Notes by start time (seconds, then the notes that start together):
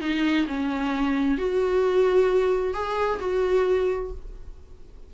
0.00 D#4
0.47 C#4
1.37 F#4
2.73 G#4
3.20 F#4